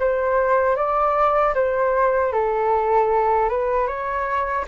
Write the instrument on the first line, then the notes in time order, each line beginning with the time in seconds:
flute
0.00 C5
0.77 D5
1.55 C5
2.33 A4
3.50 B4
3.87 C#5